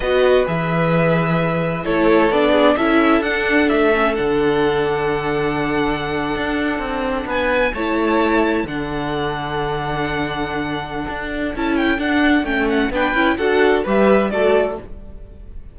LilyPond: <<
  \new Staff \with { instrumentName = "violin" } { \time 4/4 \tempo 4 = 130 dis''4 e''2. | cis''4 d''4 e''4 fis''4 | e''4 fis''2.~ | fis''2.~ fis''8. gis''16~ |
gis''8. a''2 fis''4~ fis''16~ | fis''1~ | fis''4 a''8 g''8 fis''4 g''8 fis''8 | g''4 fis''4 e''4 d''4 | }
  \new Staff \with { instrumentName = "violin" } { \time 4/4 b'1 | a'4. gis'8 a'2~ | a'1~ | a'2.~ a'8. b'16~ |
b'8. cis''2 a'4~ a'16~ | a'1~ | a'1 | b'4 a'4 b'4 a'4 | }
  \new Staff \with { instrumentName = "viola" } { \time 4/4 fis'4 gis'2. | e'4 d'4 e'4 d'4~ | d'8 cis'8 d'2.~ | d'1~ |
d'8. e'2 d'4~ d'16~ | d'1~ | d'4 e'4 d'4 cis'4 | d'8 e'8 fis'4 g'4 fis'4 | }
  \new Staff \with { instrumentName = "cello" } { \time 4/4 b4 e2. | a4 b4 cis'4 d'4 | a4 d2.~ | d4.~ d16 d'4 c'4 b16~ |
b8. a2 d4~ d16~ | d1 | d'4 cis'4 d'4 a4 | b8 cis'8 d'4 g4 a4 | }
>>